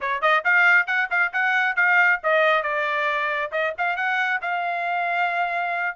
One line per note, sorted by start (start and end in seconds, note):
0.00 0.21 C#5
0.21 0.43 D#5
0.44 0.86 F5
0.86 1.08 F#5
1.10 1.32 F5
1.32 1.75 F#5
1.75 2.20 F5
2.23 2.62 D#5
2.62 3.51 D5
3.51 3.73 D#5
3.78 3.96 F5
3.96 4.40 F#5
4.41 5.96 F5